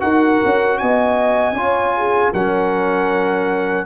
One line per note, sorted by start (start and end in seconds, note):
0.00 0.41 D#4
0.00 1.54 F#4
0.00 0.80 A#4
0.00 0.78 F#5
0.45 0.82 C#4
0.78 1.53 B3
0.78 1.55 D#5
0.78 2.32 G#5
1.53 2.29 C#4
1.53 2.34 F4
1.53 1.94 C#5
1.97 2.33 G#4
2.33 3.86 F#3
2.33 3.86 C#4
2.33 3.86 A#4
2.33 3.86 F#5